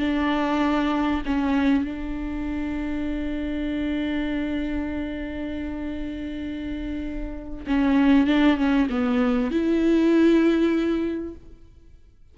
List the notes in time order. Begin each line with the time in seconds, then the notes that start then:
0.00 D4
1.26 C#4
1.84 D4
7.67 C#4
8.27 D4
8.57 C#4
8.90 B3
9.51 E4